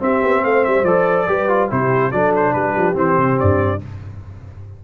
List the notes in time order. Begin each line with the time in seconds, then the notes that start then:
0.00 C4 G4 E5
0.24 B3
0.43 A3 C5 F5
0.65 G3 E5
0.84 F3 A4 D5
1.28 G3 G4 B4
1.49 F4
1.70 C3 E4 G4 C5
2.12 F#3 D4 A4 D5
2.36 C5
2.54 G3 G4 B4
2.77 F3
2.95 E3 C4 C5
3.17 C3
3.40 G2 D5